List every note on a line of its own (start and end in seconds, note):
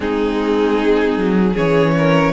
0.00 1.17 G#3
0.00 1.53 C4
0.00 1.53 D#4
0.00 1.56 G#4
1.17 1.56 F#3
1.53 2.32 E3
1.53 2.32 C#4
1.53 1.92 G#4
1.53 2.32 C#5
1.97 2.32 A#4